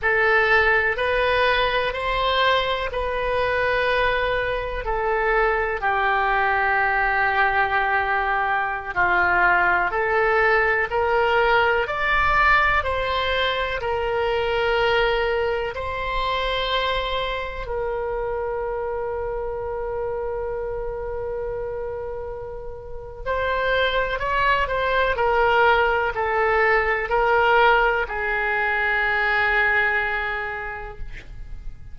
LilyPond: \new Staff \with { instrumentName = "oboe" } { \time 4/4 \tempo 4 = 62 a'4 b'4 c''4 b'4~ | b'4 a'4 g'2~ | g'4~ g'16 f'4 a'4 ais'8.~ | ais'16 d''4 c''4 ais'4.~ ais'16~ |
ais'16 c''2 ais'4.~ ais'16~ | ais'1 | c''4 cis''8 c''8 ais'4 a'4 | ais'4 gis'2. | }